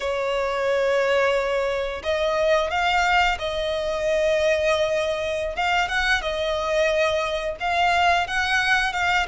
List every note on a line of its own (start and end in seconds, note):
0.00 2.02 C#5
2.03 2.70 D#5
2.70 3.37 F5
3.39 5.56 D#5
5.56 5.88 F5
5.88 6.21 F#5
6.21 7.56 D#5
7.60 8.27 F5
8.27 8.92 F#5
8.92 9.26 F5